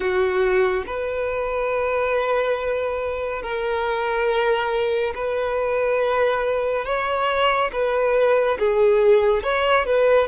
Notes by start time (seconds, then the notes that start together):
0.00 F#4
0.86 B4
3.42 A#4
5.14 B4
6.85 C#5
7.72 B4
8.58 G#4
9.43 C#5
9.85 B4